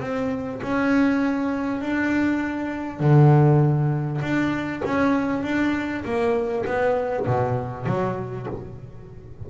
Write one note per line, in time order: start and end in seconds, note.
0.00 0.61 C4
0.63 1.81 C#4
1.81 2.99 D4
2.99 4.21 D3
4.21 4.82 D4
4.85 5.43 C#4
5.43 6.04 D4
6.05 6.65 A#3
6.65 7.26 B3
7.26 7.86 B2
7.86 8.47 F#3